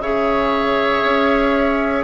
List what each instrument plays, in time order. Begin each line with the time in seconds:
0.00 bassoon C#3, clarinet G#4, oboe C#5, flute E5
1.04 bassoon C#4